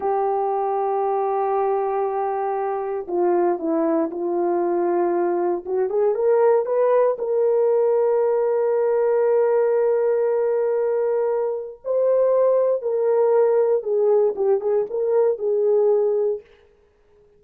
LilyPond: \new Staff \with { instrumentName = "horn" } { \time 4/4 \tempo 4 = 117 g'1~ | g'2 f'4 e'4 | f'2. fis'8 gis'8 | ais'4 b'4 ais'2~ |
ais'1~ | ais'2. c''4~ | c''4 ais'2 gis'4 | g'8 gis'8 ais'4 gis'2 | }